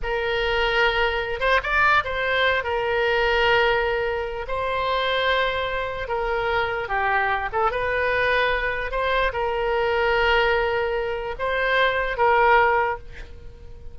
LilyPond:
\new Staff \with { instrumentName = "oboe" } { \time 4/4 \tempo 4 = 148 ais'2.~ ais'8 c''8 | d''4 c''4. ais'4.~ | ais'2. c''4~ | c''2. ais'4~ |
ais'4 g'4. a'8 b'4~ | b'2 c''4 ais'4~ | ais'1 | c''2 ais'2 | }